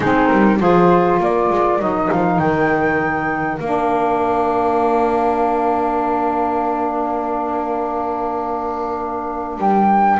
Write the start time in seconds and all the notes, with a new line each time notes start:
0.00 G#3 C4 D#4 G#4
0.27 G3 A#4
0.58 F3 F4 G#4 C5
1.20 A#3 A#4 D5
1.49 G#3
1.78 F#3 D#4 D#5
2.10 F3 F5
2.39 D#3 G5
3.57 A#3 F5
3.63 D4
9.58 G3 G5